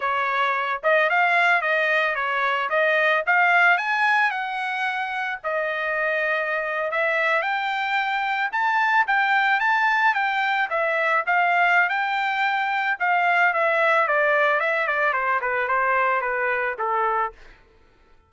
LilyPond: \new Staff \with { instrumentName = "trumpet" } { \time 4/4 \tempo 4 = 111 cis''4. dis''8 f''4 dis''4 | cis''4 dis''4 f''4 gis''4 | fis''2 dis''2~ | dis''8. e''4 g''2 a''16~ |
a''8. g''4 a''4 g''4 e''16~ | e''8. f''4~ f''16 g''2 | f''4 e''4 d''4 e''8 d''8 | c''8 b'8 c''4 b'4 a'4 | }